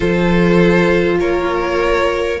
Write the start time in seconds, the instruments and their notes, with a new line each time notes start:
0.00 cello F3, viola F4, violin A4 C5
1.19 cello A#3, violin A#4 C#5